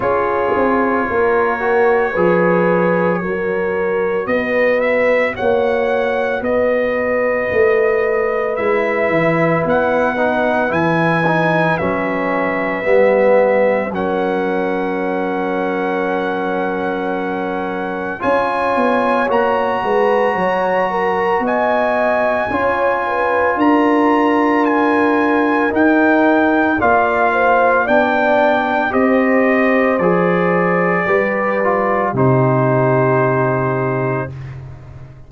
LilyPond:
<<
  \new Staff \with { instrumentName = "trumpet" } { \time 4/4 \tempo 4 = 56 cis''1 | dis''8 e''8 fis''4 dis''2 | e''4 fis''4 gis''4 e''4~ | e''4 fis''2.~ |
fis''4 gis''4 ais''2 | gis''2 ais''4 gis''4 | g''4 f''4 g''4 dis''4 | d''2 c''2 | }
  \new Staff \with { instrumentName = "horn" } { \time 4/4 gis'4 ais'4 b'4 ais'4 | b'4 cis''4 b'2~ | b'1~ | b'4 ais'2.~ |
ais'4 cis''4. b'8 cis''8 ais'8 | dis''4 cis''8 b'8 ais'2~ | ais'4 d''8 c''8 d''4 c''4~ | c''4 b'4 g'2 | }
  \new Staff \with { instrumentName = "trombone" } { \time 4/4 f'4. fis'8 gis'4 fis'4~ | fis'1 | e'4. dis'8 e'8 dis'8 cis'4 | b4 cis'2.~ |
cis'4 f'4 fis'2~ | fis'4 f'2. | dis'4 f'4 d'4 g'4 | gis'4 g'8 f'8 dis'2 | }
  \new Staff \with { instrumentName = "tuba" } { \time 4/4 cis'8 c'8 ais4 f4 fis4 | b4 ais4 b4 a4 | gis8 e8 b4 e4 fis4 | g4 fis2.~ |
fis4 cis'8 b8 ais8 gis8 fis4 | b4 cis'4 d'2 | dis'4 ais4 b4 c'4 | f4 g4 c2 | }
>>